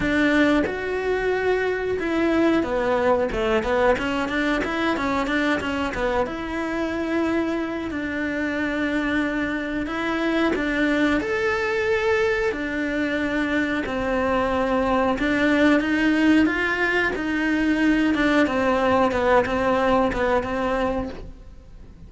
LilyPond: \new Staff \with { instrumentName = "cello" } { \time 4/4 \tempo 4 = 91 d'4 fis'2 e'4 | b4 a8 b8 cis'8 d'8 e'8 cis'8 | d'8 cis'8 b8 e'2~ e'8 | d'2. e'4 |
d'4 a'2 d'4~ | d'4 c'2 d'4 | dis'4 f'4 dis'4. d'8 | c'4 b8 c'4 b8 c'4 | }